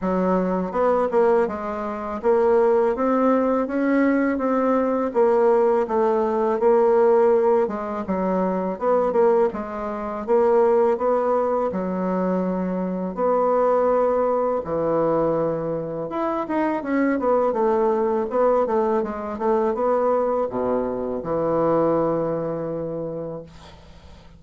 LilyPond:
\new Staff \with { instrumentName = "bassoon" } { \time 4/4 \tempo 4 = 82 fis4 b8 ais8 gis4 ais4 | c'4 cis'4 c'4 ais4 | a4 ais4. gis8 fis4 | b8 ais8 gis4 ais4 b4 |
fis2 b2 | e2 e'8 dis'8 cis'8 b8 | a4 b8 a8 gis8 a8 b4 | b,4 e2. | }